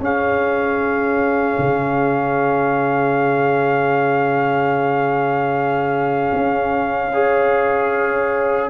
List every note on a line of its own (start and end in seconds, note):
0.00 1.58 C#4
0.00 7.12 C#4
0.00 7.12 G#4
0.00 8.70 F5
1.58 6.32 C#3
6.33 8.70 C#4
7.12 8.70 G#4
7.12 8.70 C#5